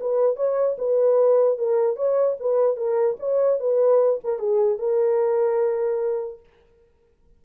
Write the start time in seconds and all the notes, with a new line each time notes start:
0.00 B4
0.36 C#5
0.78 B4
1.58 A#4
1.96 C#5
2.40 B4
2.76 A#4
3.19 C#5
3.60 B4
4.24 A#4
4.39 G#4
4.78 A#4